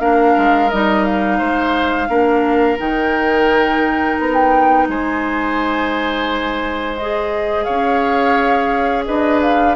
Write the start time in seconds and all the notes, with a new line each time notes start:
0.00 A#3 D4 A#4 F5
0.38 G#3
0.70 G3 D#4 D#5
1.05 F5
1.39 G#3 C5
2.09 A#3 D4 A#4
2.78 D#3 D#4 G5
4.19 B3 A#5
4.35 G5
4.89 G#3 C5 G#5
6.97 G#4 D#5
7.64 C#4 C#5 F5
9.06 D4 B4 D#5
9.42 F5